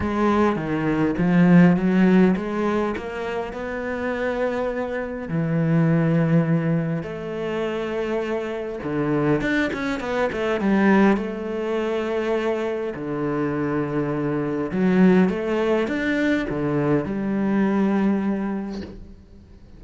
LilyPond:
\new Staff \with { instrumentName = "cello" } { \time 4/4 \tempo 4 = 102 gis4 dis4 f4 fis4 | gis4 ais4 b2~ | b4 e2. | a2. d4 |
d'8 cis'8 b8 a8 g4 a4~ | a2 d2~ | d4 fis4 a4 d'4 | d4 g2. | }